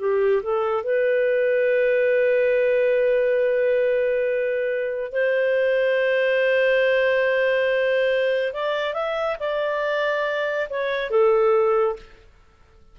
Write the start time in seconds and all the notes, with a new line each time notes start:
0.00 G4
0.43 A4
0.84 B4
5.12 C5
8.54 D5
8.94 E5
9.40 D5
10.70 C#5
11.11 A4